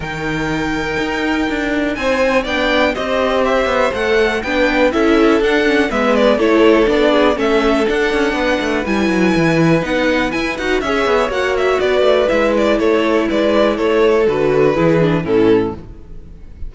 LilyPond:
<<
  \new Staff \with { instrumentName = "violin" } { \time 4/4 \tempo 4 = 122 g''1 | gis''4 g''4 dis''4 e''4 | fis''4 g''4 e''4 fis''4 | e''8 d''8 cis''4 d''4 e''4 |
fis''2 gis''2 | fis''4 gis''8 fis''8 e''4 fis''8 e''8 | d''4 e''8 d''8 cis''4 d''4 | cis''4 b'2 a'4 | }
  \new Staff \with { instrumentName = "violin" } { \time 4/4 ais'1 | c''4 d''4 c''2~ | c''4 b'4 a'2 | b'4 a'4. gis'8 a'4~ |
a'4 b'2.~ | b'2 cis''2 | b'2 a'4 b'4 | a'2 gis'4 e'4 | }
  \new Staff \with { instrumentName = "viola" } { \time 4/4 dis'1~ | dis'4 d'4 g'2 | a'4 d'4 e'4 d'8 cis'8 | b4 e'4 d'4 cis'4 |
d'2 e'2 | dis'4 e'8 fis'8 gis'4 fis'4~ | fis'4 e'2.~ | e'4 fis'4 e'8 d'8 cis'4 | }
  \new Staff \with { instrumentName = "cello" } { \time 4/4 dis2 dis'4 d'4 | c'4 b4 c'4. b8 | a4 b4 cis'4 d'4 | gis4 a4 b4 a4 |
d'8 cis'8 b8 a8 g8 fis8 e4 | b4 e'8 dis'8 cis'8 b8 ais4 | b8 a8 gis4 a4 gis4 | a4 d4 e4 a,4 | }
>>